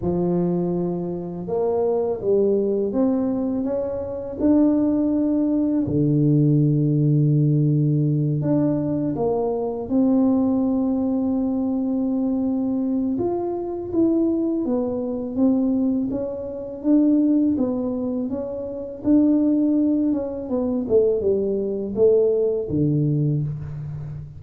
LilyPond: \new Staff \with { instrumentName = "tuba" } { \time 4/4 \tempo 4 = 82 f2 ais4 g4 | c'4 cis'4 d'2 | d2.~ d8 d'8~ | d'8 ais4 c'2~ c'8~ |
c'2 f'4 e'4 | b4 c'4 cis'4 d'4 | b4 cis'4 d'4. cis'8 | b8 a8 g4 a4 d4 | }